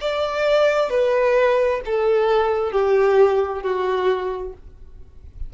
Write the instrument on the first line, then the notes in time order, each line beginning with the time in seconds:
violin
0.00 D5
0.90 B4
1.85 A4
2.71 G4
3.62 F#4